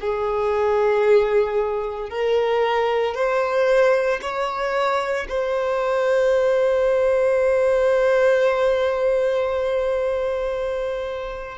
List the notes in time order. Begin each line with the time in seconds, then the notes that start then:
0.00 G#4
2.09 A#4
3.15 C5
4.22 C#5
5.29 C5